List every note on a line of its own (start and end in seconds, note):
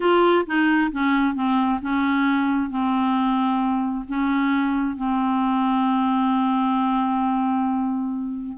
0.00 0.45 F4
0.46 0.91 D#4
0.91 1.34 C#4
1.34 1.79 C4
1.81 2.69 C#4
2.69 4.05 C4
4.08 4.96 C#4
4.96 8.57 C4